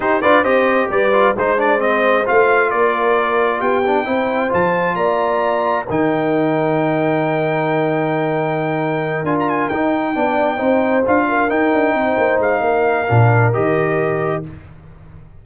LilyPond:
<<
  \new Staff \with { instrumentName = "trumpet" } { \time 4/4 \tempo 4 = 133 c''8 d''8 dis''4 d''4 c''8 d''8 | dis''4 f''4 d''2 | g''2 a''4 ais''4~ | ais''4 g''2.~ |
g''1~ | g''8 gis''16 ais''16 gis''8 g''2~ g''8~ | g''8 f''4 g''2 f''8~ | f''2 dis''2 | }
  \new Staff \with { instrumentName = "horn" } { \time 4/4 g'8 b'8 c''4 b'4 c''4~ | c''2 ais'2 | g'4 c''2 d''4~ | d''4 ais'2.~ |
ais'1~ | ais'2~ ais'8 d''4 c''8~ | c''4 ais'4. c''4. | ais'1 | }
  \new Staff \with { instrumentName = "trombone" } { \time 4/4 dis'8 f'8 g'4. f'8 dis'8 d'8 | c'4 f'2.~ | f'8 d'8 e'4 f'2~ | f'4 dis'2.~ |
dis'1~ | dis'8 f'4 dis'4 d'4 dis'8~ | dis'8 f'4 dis'2~ dis'8~ | dis'4 d'4 g'2 | }
  \new Staff \with { instrumentName = "tuba" } { \time 4/4 dis'8 d'8 c'4 g4 gis4~ | gis4 a4 ais2 | b4 c'4 f4 ais4~ | ais4 dis2.~ |
dis1~ | dis8 d'4 dis'4 b4 c'8~ | c'8 d'4 dis'8 d'8 c'8 ais8 gis8 | ais4 ais,4 dis2 | }
>>